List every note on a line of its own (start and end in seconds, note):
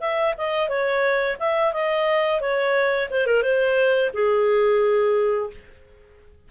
0.00 0.34 E5
0.37 0.68 D#5
0.68 1.37 C#5
1.39 1.73 E5
1.73 2.40 D#5
2.40 3.09 C#5
3.10 3.26 C5
3.26 3.42 A#4
3.42 4.10 C5
4.13 5.50 G#4